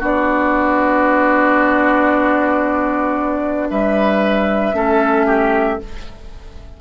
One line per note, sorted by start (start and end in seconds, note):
0.00 3.70 B3
0.00 4.74 D4
0.00 3.68 F#4
0.00 3.70 D5
3.70 4.73 G3
3.70 4.76 B4
3.70 5.81 E5
4.73 5.79 A3
4.73 5.80 C#4
4.73 5.27 A4
5.27 5.79 G4